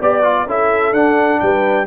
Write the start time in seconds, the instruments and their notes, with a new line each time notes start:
0.00 tuba B3, trombone G4, horn D5, trumpet D5
0.23 trombone F4
0.46 tuba C#4, trombone E4, horn A4, trumpet E5
0.93 tuba D4, trombone D4, trumpet F#5
1.40 tuba G3, horn B4, trumpet G5